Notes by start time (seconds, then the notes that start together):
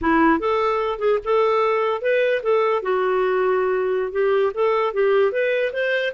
0.01 E4
0.39 A4
0.98 G#4
1.24 A4
2.01 B4
2.43 A4
2.82 F#4
4.12 G4
4.54 A4
4.93 G4
5.32 B4
5.73 C5